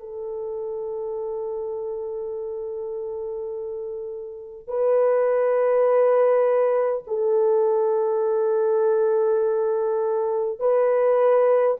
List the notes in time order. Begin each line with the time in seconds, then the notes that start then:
0.00 A4
4.68 B4
7.07 A4
10.59 B4